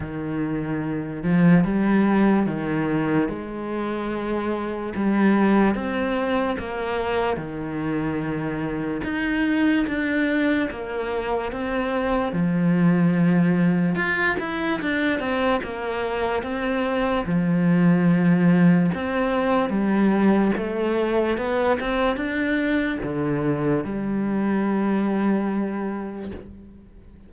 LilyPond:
\new Staff \with { instrumentName = "cello" } { \time 4/4 \tempo 4 = 73 dis4. f8 g4 dis4 | gis2 g4 c'4 | ais4 dis2 dis'4 | d'4 ais4 c'4 f4~ |
f4 f'8 e'8 d'8 c'8 ais4 | c'4 f2 c'4 | g4 a4 b8 c'8 d'4 | d4 g2. | }